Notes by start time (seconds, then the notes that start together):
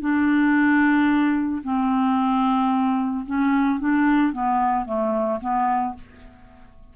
0.00 D4
1.63 C4
3.25 C#4
3.80 D4
4.32 B3
4.85 A3
5.40 B3